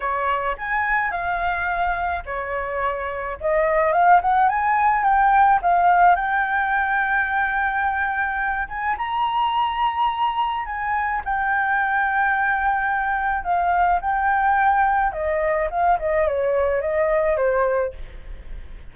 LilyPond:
\new Staff \with { instrumentName = "flute" } { \time 4/4 \tempo 4 = 107 cis''4 gis''4 f''2 | cis''2 dis''4 f''8 fis''8 | gis''4 g''4 f''4 g''4~ | g''2.~ g''8 gis''8 |
ais''2. gis''4 | g''1 | f''4 g''2 dis''4 | f''8 dis''8 cis''4 dis''4 c''4 | }